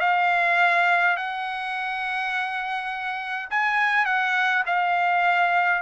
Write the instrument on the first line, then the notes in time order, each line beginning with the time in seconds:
trumpet
0.00 F5
1.17 F#5
3.50 G#5
4.05 F#5
4.66 F5